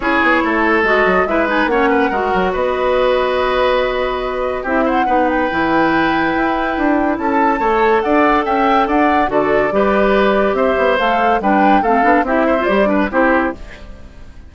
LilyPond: <<
  \new Staff \with { instrumentName = "flute" } { \time 4/4 \tempo 4 = 142 cis''2 dis''4 e''8 gis''8 | fis''2 dis''2~ | dis''2. e''8 fis''8~ | fis''8 g''2.~ g''8~ |
g''4 a''2 fis''4 | g''4 fis''4 d''2~ | d''4 e''4 f''4 g''4 | f''4 e''4 d''4 c''4 | }
  \new Staff \with { instrumentName = "oboe" } { \time 4/4 gis'4 a'2 b'4 | cis''8 b'8 ais'4 b'2~ | b'2. g'8 c''8 | b'1~ |
b'4 a'4 cis''4 d''4 | e''4 d''4 a'4 b'4~ | b'4 c''2 b'4 | a'4 g'8 c''4 b'8 g'4 | }
  \new Staff \with { instrumentName = "clarinet" } { \time 4/4 e'2 fis'4 e'8 dis'8 | cis'4 fis'2.~ | fis'2. e'4 | dis'4 e'2.~ |
e'2 a'2~ | a'2 fis'4 g'4~ | g'2 a'4 d'4 | c'8 d'8 e'8. f'16 g'8 d'8 e'4 | }
  \new Staff \with { instrumentName = "bassoon" } { \time 4/4 cis'8 b8 a4 gis8 fis8 gis4 | ais4 gis8 fis8 b2~ | b2. c'4 | b4 e2 e'4 |
d'4 cis'4 a4 d'4 | cis'4 d'4 d4 g4~ | g4 c'8 b8 a4 g4 | a8 b8 c'4 g4 c'4 | }
>>